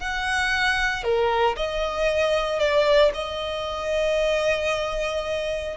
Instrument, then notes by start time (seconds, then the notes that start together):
violin
0.00 F#5
1.04 A#4
1.57 D#5
2.60 D5
3.14 D#5